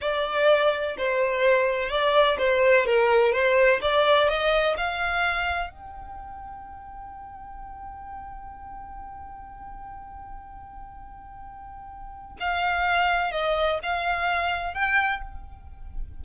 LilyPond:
\new Staff \with { instrumentName = "violin" } { \time 4/4 \tempo 4 = 126 d''2 c''2 | d''4 c''4 ais'4 c''4 | d''4 dis''4 f''2 | g''1~ |
g''1~ | g''1~ | g''2 f''2 | dis''4 f''2 g''4 | }